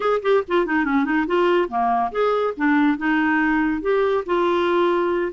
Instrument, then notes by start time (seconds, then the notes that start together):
clarinet
0.00 G#4
0.22 G4
0.48 F4
0.66 D#4
0.84 C#4
1.04 D#4
1.26 F4
1.68 A#3
2.11 G#4
2.56 D4
2.97 D#4
3.81 G4
4.26 F4